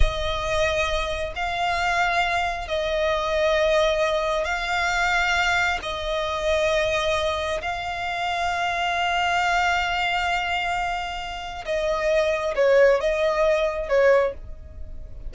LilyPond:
\new Staff \with { instrumentName = "violin" } { \time 4/4 \tempo 4 = 134 dis''2. f''4~ | f''2 dis''2~ | dis''2 f''2~ | f''4 dis''2.~ |
dis''4 f''2.~ | f''1~ | f''2 dis''2 | cis''4 dis''2 cis''4 | }